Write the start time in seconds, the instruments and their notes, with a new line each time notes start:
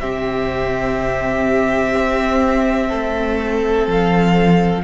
0.00 cello C3, viola C4, violin G4 E5
1.95 cello C4
2.89 cello A3, violin A4
3.87 cello F3, violin F5